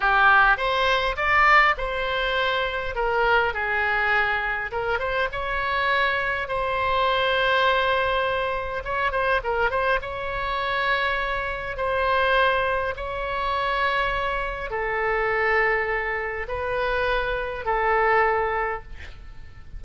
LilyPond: \new Staff \with { instrumentName = "oboe" } { \time 4/4 \tempo 4 = 102 g'4 c''4 d''4 c''4~ | c''4 ais'4 gis'2 | ais'8 c''8 cis''2 c''4~ | c''2. cis''8 c''8 |
ais'8 c''8 cis''2. | c''2 cis''2~ | cis''4 a'2. | b'2 a'2 | }